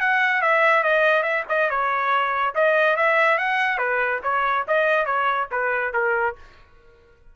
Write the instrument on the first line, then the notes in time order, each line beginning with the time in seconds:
trumpet
0.00 F#5
0.42 E5
0.84 D#5
1.23 E5
1.49 D#5
1.70 C#5
2.55 D#5
2.97 E5
3.38 F#5
3.78 B4
4.23 C#5
4.68 D#5
5.06 C#5
5.52 B4
5.94 A#4